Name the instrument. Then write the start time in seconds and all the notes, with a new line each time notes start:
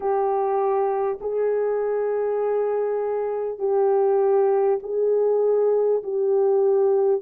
horn
0.00 G4
1.21 G#4
3.58 G4
4.82 G#4
6.03 G4